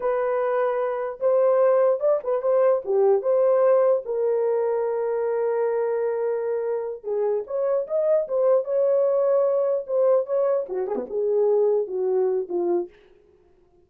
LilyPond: \new Staff \with { instrumentName = "horn" } { \time 4/4 \tempo 4 = 149 b'2. c''4~ | c''4 d''8 b'8 c''4 g'4 | c''2 ais'2~ | ais'1~ |
ais'4. gis'4 cis''4 dis''8~ | dis''8 c''4 cis''2~ cis''8~ | cis''8 c''4 cis''4 fis'8 gis'16 b16 gis'8~ | gis'4. fis'4. f'4 | }